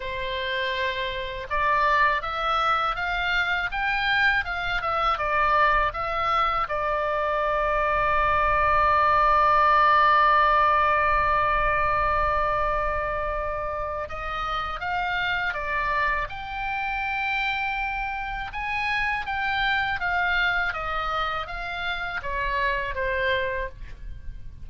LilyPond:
\new Staff \with { instrumentName = "oboe" } { \time 4/4 \tempo 4 = 81 c''2 d''4 e''4 | f''4 g''4 f''8 e''8 d''4 | e''4 d''2.~ | d''1~ |
d''2. dis''4 | f''4 d''4 g''2~ | g''4 gis''4 g''4 f''4 | dis''4 f''4 cis''4 c''4 | }